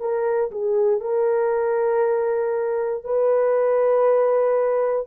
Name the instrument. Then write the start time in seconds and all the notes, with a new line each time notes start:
horn
0.00 A#4
0.51 G#4
1.00 A#4
3.04 B4